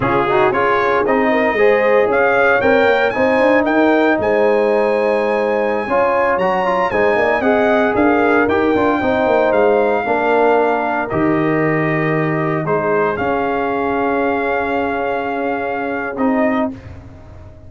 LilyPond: <<
  \new Staff \with { instrumentName = "trumpet" } { \time 4/4 \tempo 4 = 115 gis'4 cis''4 dis''2 | f''4 g''4 gis''4 g''4 | gis''1~ | gis''16 ais''4 gis''4 fis''4 f''8.~ |
f''16 g''2 f''4.~ f''16~ | f''4~ f''16 dis''2~ dis''8.~ | dis''16 c''4 f''2~ f''8.~ | f''2. dis''4 | }
  \new Staff \with { instrumentName = "horn" } { \time 4/4 f'8 fis'8 gis'4. ais'8 c''4 | cis''2 c''4 ais'4 | c''2.~ c''16 cis''8.~ | cis''4~ cis''16 c''8 d''8 dis''4 ais'8.~ |
ais'4~ ais'16 c''2 ais'8.~ | ais'1~ | ais'16 gis'2.~ gis'8.~ | gis'1 | }
  \new Staff \with { instrumentName = "trombone" } { \time 4/4 cis'8 dis'8 f'4 dis'4 gis'4~ | gis'4 ais'4 dis'2~ | dis'2.~ dis'16 f'8.~ | f'16 fis'8 f'8 dis'4 gis'4.~ gis'16~ |
gis'16 g'8 f'8 dis'2 d'8.~ | d'4~ d'16 g'2~ g'8.~ | g'16 dis'4 cis'2~ cis'8.~ | cis'2. dis'4 | }
  \new Staff \with { instrumentName = "tuba" } { \time 4/4 cis4 cis'4 c'4 gis4 | cis'4 c'8 ais8 c'8 d'8 dis'4 | gis2.~ gis16 cis'8.~ | cis'16 fis4 gis8 ais8 c'4 d'8.~ |
d'16 dis'8 d'8 c'8 ais8 gis4 ais8.~ | ais4~ ais16 dis2~ dis8.~ | dis16 gis4 cis'2~ cis'8.~ | cis'2. c'4 | }
>>